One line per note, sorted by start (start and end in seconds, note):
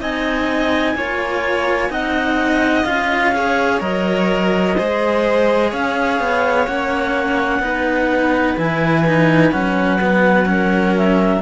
0.00 0.95 C4
0.00 0.96 D#4
0.00 0.96 D#5
0.00 1.92 G#5
0.95 1.90 A#3
0.95 1.88 F4
0.95 1.91 C#5
1.88 2.85 C4
1.88 2.84 D#4
1.88 3.34 D#5
1.88 2.84 F#5
2.84 3.81 C#4
2.84 3.33 F4
2.84 3.80 F5
3.34 3.79 G#4
3.34 4.76 C#5
3.79 4.76 F#3
3.79 4.75 A#4
3.79 5.71 D#5
4.76 5.72 G#3
4.76 6.67 G#4
4.76 5.70 C5
5.70 6.19 C#4
5.70 7.61 C#5
5.70 6.66 F5
6.19 6.67 B3
6.66 7.59 A#3
6.66 7.62 C#4
6.66 8.57 F#5
7.59 8.54 B3
7.59 8.57 D#4
7.59 10.48 B4
8.57 9.52 E3
8.57 9.05 E4
8.57 9.52 G#5
9.06 9.51 D#4
9.51 11.42 F#3
9.51 9.99 C#4
9.51 10.95 F#5
10.01 10.45 B3
10.45 11.40 C#4
10.45 11.42 A#4
10.97 11.42 E5